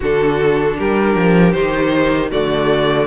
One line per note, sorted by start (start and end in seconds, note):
0.00 0.79 D3
0.00 1.55 D4
0.00 0.77 F#4
0.00 0.79 A4
0.77 1.15 G3
0.77 2.30 G4
0.77 1.52 A#4
1.15 1.53 F3
1.52 2.31 D#3
1.52 2.31 D#4
1.52 2.29 C5
2.30 3.07 D3
2.30 3.07 A3
2.30 3.07 F#4
2.30 3.07 D5